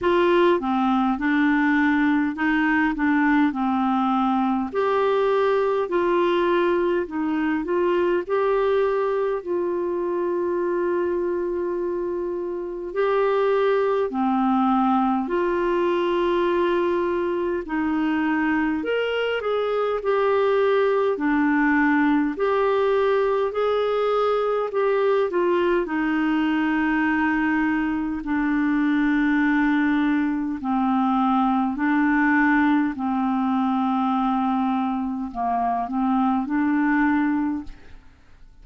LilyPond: \new Staff \with { instrumentName = "clarinet" } { \time 4/4 \tempo 4 = 51 f'8 c'8 d'4 dis'8 d'8 c'4 | g'4 f'4 dis'8 f'8 g'4 | f'2. g'4 | c'4 f'2 dis'4 |
ais'8 gis'8 g'4 d'4 g'4 | gis'4 g'8 f'8 dis'2 | d'2 c'4 d'4 | c'2 ais8 c'8 d'4 | }